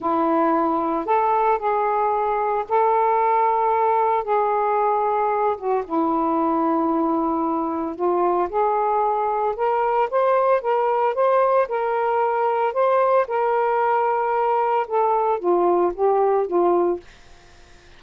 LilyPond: \new Staff \with { instrumentName = "saxophone" } { \time 4/4 \tempo 4 = 113 e'2 a'4 gis'4~ | gis'4 a'2. | gis'2~ gis'8 fis'8 e'4~ | e'2. f'4 |
gis'2 ais'4 c''4 | ais'4 c''4 ais'2 | c''4 ais'2. | a'4 f'4 g'4 f'4 | }